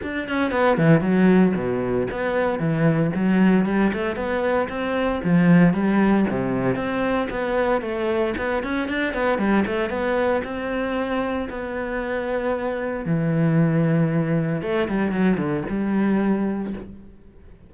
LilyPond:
\new Staff \with { instrumentName = "cello" } { \time 4/4 \tempo 4 = 115 d'8 cis'8 b8 e8 fis4 b,4 | b4 e4 fis4 g8 a8 | b4 c'4 f4 g4 | c4 c'4 b4 a4 |
b8 cis'8 d'8 b8 g8 a8 b4 | c'2 b2~ | b4 e2. | a8 g8 fis8 d8 g2 | }